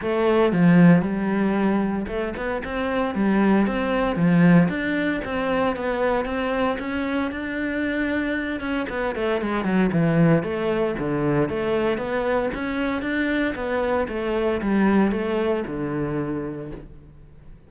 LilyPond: \new Staff \with { instrumentName = "cello" } { \time 4/4 \tempo 4 = 115 a4 f4 g2 | a8 b8 c'4 g4 c'4 | f4 d'4 c'4 b4 | c'4 cis'4 d'2~ |
d'8 cis'8 b8 a8 gis8 fis8 e4 | a4 d4 a4 b4 | cis'4 d'4 b4 a4 | g4 a4 d2 | }